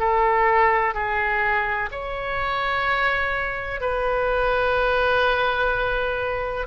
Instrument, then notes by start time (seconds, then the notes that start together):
oboe
0.00 A4
0.94 G#4
1.92 C#5
3.81 B4